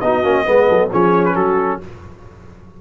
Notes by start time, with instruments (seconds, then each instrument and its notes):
0.00 tuba B3, trombone D#4, horn F#4, trumpet D#5
0.23 tuba A#3, trombone C#4
0.45 tuba G#3, trombone B3, horn B4
0.69 tuba F#3, horn A4
0.91 tuba F3, trombone C#4, horn G#4, trumpet C#5
1.25 trumpet B4
1.34 tuba F#3, horn F#4, trumpet A4